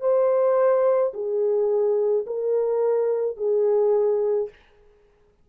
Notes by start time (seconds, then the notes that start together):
0.00 C5
1.13 G#4
2.26 A#4
3.36 G#4